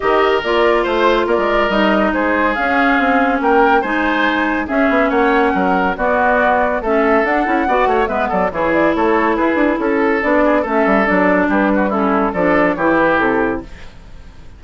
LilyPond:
<<
  \new Staff \with { instrumentName = "flute" } { \time 4/4 \tempo 4 = 141 dis''4 d''4 c''4 d''4 | dis''4 c''4 f''2 | g''4 gis''2 e''4 | fis''2 d''2 |
e''4 fis''2 e''8 d''8 | cis''8 d''8 cis''4 b'4 a'4 | d''4 e''4 d''4 b'4 | a'4 d''4 cis''8 b'8 a'4 | }
  \new Staff \with { instrumentName = "oboe" } { \time 4/4 ais'2 c''4 ais'4~ | ais'4 gis'2. | ais'4 c''2 gis'4 | cis''4 ais'4 fis'2 |
a'2 d''8 cis''8 b'8 a'8 | gis'4 a'4 gis'4 a'4~ | a'8 gis'8 a'2 g'8 fis'8 | e'4 a'4 g'2 | }
  \new Staff \with { instrumentName = "clarinet" } { \time 4/4 g'4 f'2. | dis'2 cis'2~ | cis'4 dis'2 cis'4~ | cis'2 b2 |
cis'4 d'8 e'8 fis'4 b4 | e'1 | d'4 cis'4 d'2 | cis'4 d'4 e'2 | }
  \new Staff \with { instrumentName = "bassoon" } { \time 4/4 dis4 ais4 a4 ais16 gis8. | g4 gis4 cis'4 c'4 | ais4 gis2 cis'8 b8 | ais4 fis4 b2 |
a4 d'8 cis'8 b8 a8 gis8 fis8 | e4 a4 e'8 d'8 cis'4 | b4 a8 g8 fis4 g4~ | g4 f4 e4 c4 | }
>>